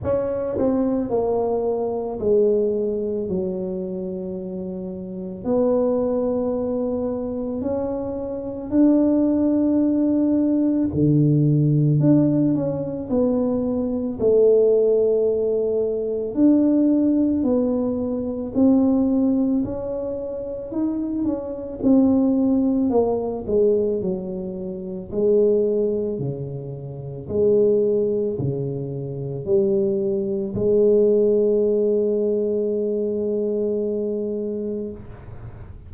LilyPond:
\new Staff \with { instrumentName = "tuba" } { \time 4/4 \tempo 4 = 55 cis'8 c'8 ais4 gis4 fis4~ | fis4 b2 cis'4 | d'2 d4 d'8 cis'8 | b4 a2 d'4 |
b4 c'4 cis'4 dis'8 cis'8 | c'4 ais8 gis8 fis4 gis4 | cis4 gis4 cis4 g4 | gis1 | }